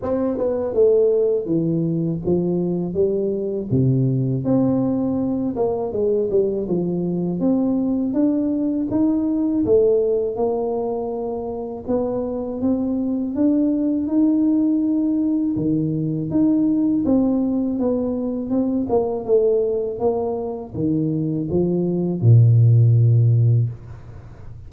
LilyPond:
\new Staff \with { instrumentName = "tuba" } { \time 4/4 \tempo 4 = 81 c'8 b8 a4 e4 f4 | g4 c4 c'4. ais8 | gis8 g8 f4 c'4 d'4 | dis'4 a4 ais2 |
b4 c'4 d'4 dis'4~ | dis'4 dis4 dis'4 c'4 | b4 c'8 ais8 a4 ais4 | dis4 f4 ais,2 | }